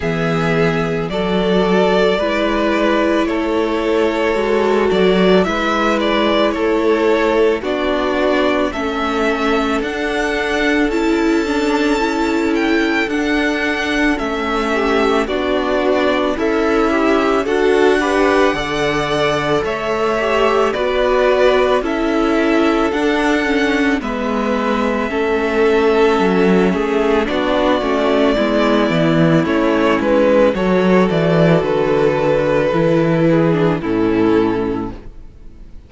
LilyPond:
<<
  \new Staff \with { instrumentName = "violin" } { \time 4/4 \tempo 4 = 55 e''4 d''2 cis''4~ | cis''8 d''8 e''8 d''8 cis''4 d''4 | e''4 fis''4 a''4. g''8 | fis''4 e''4 d''4 e''4 |
fis''2 e''4 d''4 | e''4 fis''4 e''2~ | e''4 d''2 cis''8 b'8 | cis''8 d''8 b'2 a'4 | }
  \new Staff \with { instrumentName = "violin" } { \time 4/4 gis'4 a'4 b'4 a'4~ | a'4 b'4 a'4 fis'4 | a'1~ | a'4. g'8 fis'4 e'4 |
a'8 b'8 d''4 cis''4 b'4 | a'2 b'4 a'4~ | a'8 gis'8 fis'4 e'2 | a'2~ a'8 gis'8 e'4 | }
  \new Staff \with { instrumentName = "viola" } { \time 4/4 b4 fis'4 e'2 | fis'4 e'2 d'4 | cis'4 d'4 e'8 d'8 e'4 | d'4 cis'4 d'4 a'8 g'8 |
fis'8 g'8 a'4. g'8 fis'4 | e'4 d'8 cis'8 b4 cis'4~ | cis'4 d'8 cis'8 b4 cis'4 | fis'2 e'8. d'16 cis'4 | }
  \new Staff \with { instrumentName = "cello" } { \time 4/4 e4 fis4 gis4 a4 | gis8 fis8 gis4 a4 b4 | a4 d'4 cis'2 | d'4 a4 b4 cis'4 |
d'4 d4 a4 b4 | cis'4 d'4 gis4 a4 | fis8 a8 b8 a8 gis8 e8 a8 gis8 | fis8 e8 d4 e4 a,4 | }
>>